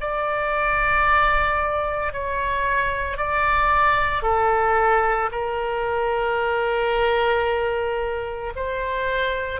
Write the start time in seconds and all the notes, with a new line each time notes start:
0.00 D5
2.13 C#5
3.17 D5
4.22 A4
5.31 A#4
8.56 C5